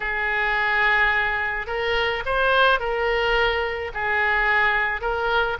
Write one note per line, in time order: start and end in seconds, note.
0.00 1.67 G#4
1.67 2.23 A#4
2.25 2.79 C5
2.79 3.91 A#4
3.94 5.01 G#4
5.01 5.57 A#4